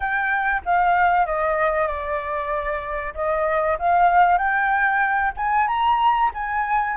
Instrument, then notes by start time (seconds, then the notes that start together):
flute
0.00 G5
0.65 F5
1.26 D#5
1.87 D5
3.14 D#5
3.78 F5
4.38 G5
5.37 G#5
5.67 A#5
6.34 G#5